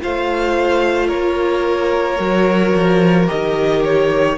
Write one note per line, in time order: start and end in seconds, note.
0.00 1.12 A3
0.00 2.18 F4
0.00 1.07 C5
0.00 1.08 F5
1.07 2.19 A#3
1.07 4.34 A#4
1.07 3.26 C#5
2.19 2.73 F#3
2.19 3.26 F#4
2.74 3.28 F3
3.26 4.37 D#3
3.26 4.35 G4
3.26 3.82 D#5
3.84 4.37 C#5